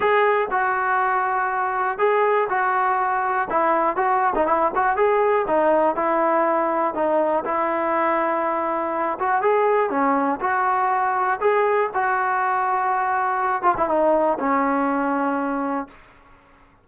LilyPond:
\new Staff \with { instrumentName = "trombone" } { \time 4/4 \tempo 4 = 121 gis'4 fis'2. | gis'4 fis'2 e'4 | fis'8. dis'16 e'8 fis'8 gis'4 dis'4 | e'2 dis'4 e'4~ |
e'2~ e'8 fis'8 gis'4 | cis'4 fis'2 gis'4 | fis'2.~ fis'8 f'16 e'16 | dis'4 cis'2. | }